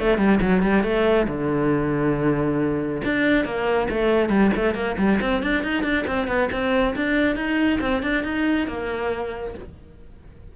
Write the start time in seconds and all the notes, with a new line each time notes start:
0.00 A3
0.18 G3
0.42 F#3
0.63 G3
0.84 A3
1.28 D3
3.05 D4
3.45 A#3
3.90 A3
4.30 G3
4.57 A3
4.75 A#3
4.98 G3
5.22 C4
5.43 D4
5.64 D#4
5.83 D4
6.08 C4
6.28 B3
6.52 C4
6.96 D4
7.36 D#4
7.81 C4
8.03 D4
8.25 D#4
8.68 A#3